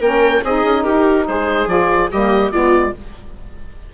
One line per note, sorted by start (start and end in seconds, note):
0.00 0.42 A#3
0.00 0.44 C#4
0.00 0.42 A#4
0.00 0.44 G5
0.44 0.64 C4
0.44 1.68 D#4
0.44 0.84 G#4
0.44 0.83 D#5
0.64 0.84 C#4
0.83 1.28 D#4
0.83 1.26 G4
0.83 1.25 A#4
1.28 1.67 G#3
1.28 2.12 G#4
1.28 1.69 C5
1.67 2.08 F3
1.67 2.09 F4
1.67 2.10 D5
2.12 2.51 G3
2.12 2.52 A#3
2.12 2.53 G4
2.12 2.52 D#5
2.51 2.93 G#3
2.51 2.94 B3
2.51 2.94 F4
2.51 2.93 D5